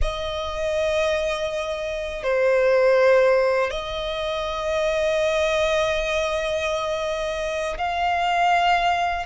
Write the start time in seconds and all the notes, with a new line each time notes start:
0.01 D#5
2.23 C5
3.70 D#5
7.78 F5